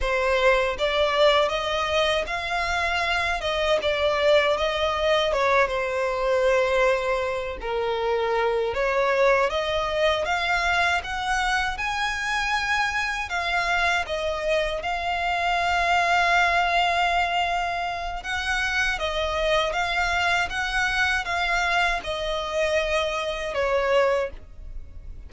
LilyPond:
\new Staff \with { instrumentName = "violin" } { \time 4/4 \tempo 4 = 79 c''4 d''4 dis''4 f''4~ | f''8 dis''8 d''4 dis''4 cis''8 c''8~ | c''2 ais'4. cis''8~ | cis''8 dis''4 f''4 fis''4 gis''8~ |
gis''4. f''4 dis''4 f''8~ | f''1 | fis''4 dis''4 f''4 fis''4 | f''4 dis''2 cis''4 | }